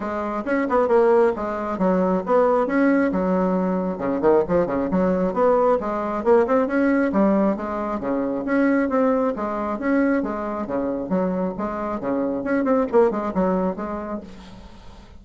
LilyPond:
\new Staff \with { instrumentName = "bassoon" } { \time 4/4 \tempo 4 = 135 gis4 cis'8 b8 ais4 gis4 | fis4 b4 cis'4 fis4~ | fis4 cis8 dis8 f8 cis8 fis4 | b4 gis4 ais8 c'8 cis'4 |
g4 gis4 cis4 cis'4 | c'4 gis4 cis'4 gis4 | cis4 fis4 gis4 cis4 | cis'8 c'8 ais8 gis8 fis4 gis4 | }